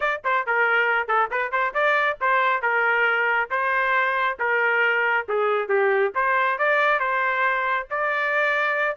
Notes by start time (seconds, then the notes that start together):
0.00 D5
0.24 C5
0.46 A#4
1.07 A4
1.30 B4
1.51 C5
1.73 D5
2.20 C5
2.62 A#4
3.50 C5
4.39 A#4
5.28 G#4
5.68 G4
6.14 C5
6.58 D5
6.99 C5
7.90 D5